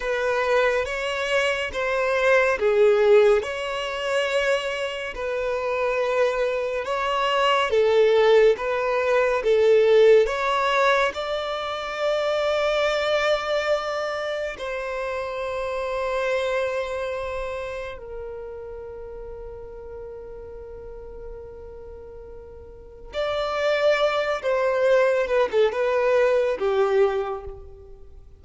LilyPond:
\new Staff \with { instrumentName = "violin" } { \time 4/4 \tempo 4 = 70 b'4 cis''4 c''4 gis'4 | cis''2 b'2 | cis''4 a'4 b'4 a'4 | cis''4 d''2.~ |
d''4 c''2.~ | c''4 ais'2.~ | ais'2. d''4~ | d''8 c''4 b'16 a'16 b'4 g'4 | }